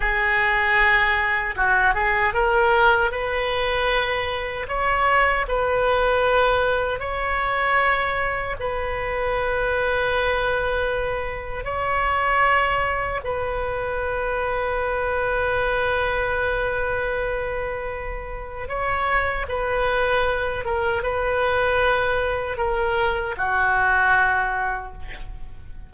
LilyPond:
\new Staff \with { instrumentName = "oboe" } { \time 4/4 \tempo 4 = 77 gis'2 fis'8 gis'8 ais'4 | b'2 cis''4 b'4~ | b'4 cis''2 b'4~ | b'2. cis''4~ |
cis''4 b'2.~ | b'1 | cis''4 b'4. ais'8 b'4~ | b'4 ais'4 fis'2 | }